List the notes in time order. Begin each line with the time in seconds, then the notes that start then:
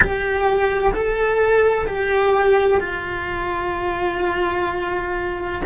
0.00 G4
0.93 A4
1.87 G4
2.80 F4